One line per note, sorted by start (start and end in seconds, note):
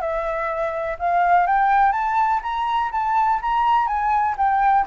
0.00 0.97 E5
0.99 1.46 F5
1.46 1.92 G5
1.92 2.40 A5
2.42 2.91 A#5
2.91 3.40 A5
3.42 3.87 A#5
3.87 4.35 G#5
4.37 4.85 G5